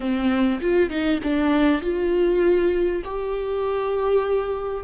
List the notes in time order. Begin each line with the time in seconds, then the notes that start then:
0.00 C4
0.61 F4
0.89 D#4
1.23 D4
1.81 F4
3.04 G4